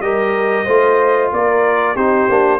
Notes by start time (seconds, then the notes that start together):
0.00 G3 G4 A#4 D#5
0.65 A3 F4 C5
1.32 A#3 A#4 D5
1.95 C4 D#4 G4 C5
2.29 A#3 D4